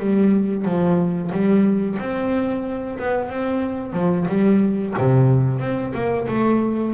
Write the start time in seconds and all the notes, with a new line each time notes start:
0.00 G3
0.65 F3
1.32 G3
2.00 C4
2.99 B3
3.30 C4
3.94 F3
4.29 G3
4.98 C3
5.60 C4
5.95 A#3
6.28 A3